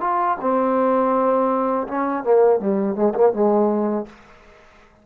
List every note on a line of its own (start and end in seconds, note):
0.00 0.37 F4
0.41 1.87 C4
1.87 2.23 C#4
2.23 2.59 A#3
2.59 2.95 G3
2.95 3.13 G#3
3.14 3.32 A#3
3.32 4.05 G#3